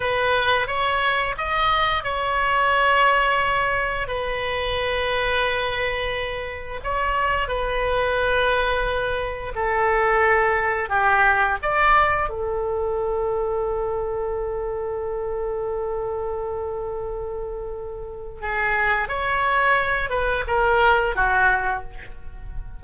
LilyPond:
\new Staff \with { instrumentName = "oboe" } { \time 4/4 \tempo 4 = 88 b'4 cis''4 dis''4 cis''4~ | cis''2 b'2~ | b'2 cis''4 b'4~ | b'2 a'2 |
g'4 d''4 a'2~ | a'1~ | a'2. gis'4 | cis''4. b'8 ais'4 fis'4 | }